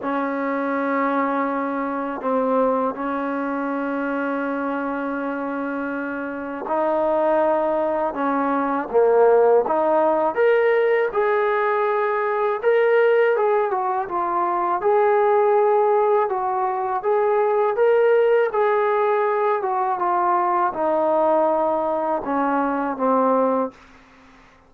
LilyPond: \new Staff \with { instrumentName = "trombone" } { \time 4/4 \tempo 4 = 81 cis'2. c'4 | cis'1~ | cis'4 dis'2 cis'4 | ais4 dis'4 ais'4 gis'4~ |
gis'4 ais'4 gis'8 fis'8 f'4 | gis'2 fis'4 gis'4 | ais'4 gis'4. fis'8 f'4 | dis'2 cis'4 c'4 | }